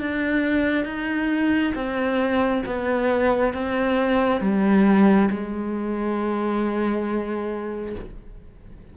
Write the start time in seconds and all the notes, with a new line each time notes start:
0.00 D4
0.85 D#4
1.75 C4
2.66 B3
3.54 C4
4.41 G3
5.31 G#3